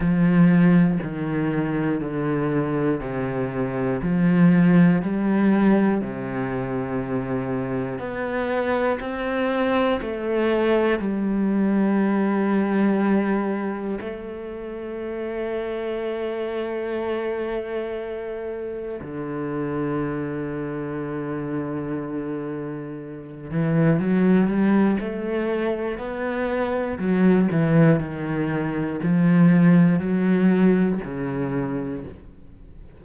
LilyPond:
\new Staff \with { instrumentName = "cello" } { \time 4/4 \tempo 4 = 60 f4 dis4 d4 c4 | f4 g4 c2 | b4 c'4 a4 g4~ | g2 a2~ |
a2. d4~ | d2.~ d8 e8 | fis8 g8 a4 b4 fis8 e8 | dis4 f4 fis4 cis4 | }